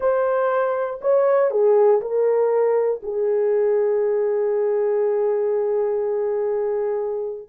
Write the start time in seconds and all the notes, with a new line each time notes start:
0.00 C5
1.01 C#5
1.50 G#4
2.01 A#4
3.02 G#4